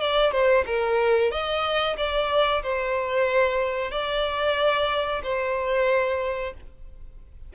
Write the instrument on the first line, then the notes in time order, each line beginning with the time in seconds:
violin
0.00 D5
0.32 C5
0.66 A#4
1.31 D#5
1.97 D5
2.63 C5
3.91 D5
5.23 C5